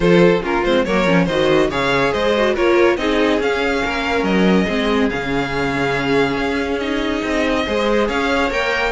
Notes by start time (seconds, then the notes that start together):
0.00 F3 F4 A4 C5
0.41 A#3 C#4 F4 A#4
0.64 G#3 C4 C5
0.84 F#3 A#3 A#4 C#5
1.06 F3 C#4
1.24 D#3 F#4 C5 D#5
1.69 C#3 G#4 C#5 F5
2.12 G#3 C5 D#5
2.36 F#4
2.54 A#3 F4 A#4 C#5
2.96 C4 D#4 G#4 D#5
3.39 C#4 F5
3.84 A#3 A#4
4.22 F#3 D#5
4.65 G#3 C4 G#4
5.09 C#3 C#4 F5
6.36 C#4
6.79 D#4 D#5
7.23 C4
7.66 G#3 G#4 C5
8.08 C#4 C#5 F5
8.50 A#3 A#4 G5